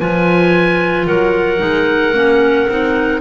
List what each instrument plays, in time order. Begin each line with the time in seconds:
0.00 double bass F3, clarinet F4 B4, oboe G#5
1.07 double bass F#3, clarinet A#4, oboe F#5
1.58 double bass G#3, clarinet D#4
2.14 double bass A#3, clarinet C#4
2.69 double bass C4, clarinet D#4